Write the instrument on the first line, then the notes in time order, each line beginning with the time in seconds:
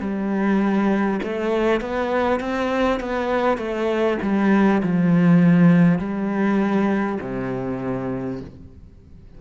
cello
0.00 G3
1.23 A3
1.81 B3
2.40 C4
3.00 B3
3.58 A3
4.22 G3
4.83 F3
5.99 G3
7.21 C3